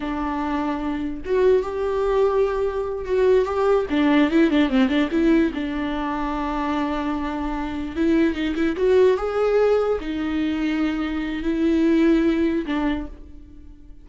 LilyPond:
\new Staff \with { instrumentName = "viola" } { \time 4/4 \tempo 4 = 147 d'2. fis'4 | g'2.~ g'8 fis'8~ | fis'8 g'4 d'4 e'8 d'8 c'8 | d'8 e'4 d'2~ d'8~ |
d'2.~ d'8 e'8~ | e'8 dis'8 e'8 fis'4 gis'4.~ | gis'8 dis'2.~ dis'8 | e'2. d'4 | }